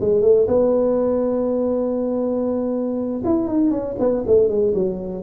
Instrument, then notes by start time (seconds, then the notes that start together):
tuba
0.00 G#3
0.21 A3
0.47 B3
3.24 E4
3.48 D#4
3.70 C#4
3.99 B3
4.26 A3
4.48 G#3
4.74 F#3